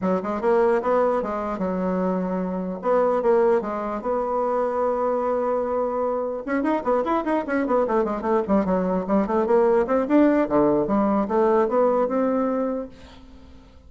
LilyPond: \new Staff \with { instrumentName = "bassoon" } { \time 4/4 \tempo 4 = 149 fis8 gis8 ais4 b4 gis4 | fis2. b4 | ais4 gis4 b2~ | b1 |
cis'8 dis'8 b8 e'8 dis'8 cis'8 b8 a8 | gis8 a8 g8 fis4 g8 a8 ais8~ | ais8 c'8 d'4 d4 g4 | a4 b4 c'2 | }